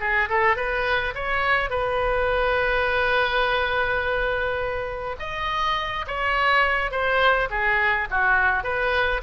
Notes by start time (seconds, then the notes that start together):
0.00 G#4
0.29 A4
0.56 B4
1.15 C#5
1.70 B4
5.19 D#5
6.07 C#5
6.91 C5
7.50 G#4
8.10 F#4
8.64 B4